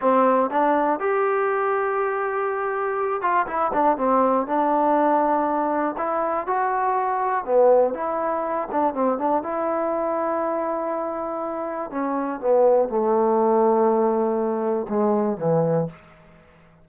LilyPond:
\new Staff \with { instrumentName = "trombone" } { \time 4/4 \tempo 4 = 121 c'4 d'4 g'2~ | g'2~ g'8 f'8 e'8 d'8 | c'4 d'2. | e'4 fis'2 b4 |
e'4. d'8 c'8 d'8 e'4~ | e'1 | cis'4 b4 a2~ | a2 gis4 e4 | }